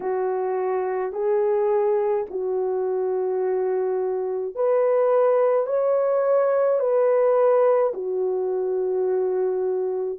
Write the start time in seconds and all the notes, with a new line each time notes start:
0.00 F#4
1.12 G#4
2.30 F#4
4.55 B4
5.66 C#5
6.79 B4
7.93 F#4